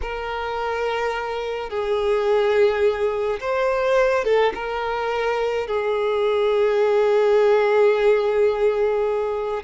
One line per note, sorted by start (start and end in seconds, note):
0.01 1.69 A#4
1.69 3.39 G#4
3.40 4.24 C5
4.24 4.52 A4
4.54 5.67 A#4
5.67 9.63 G#4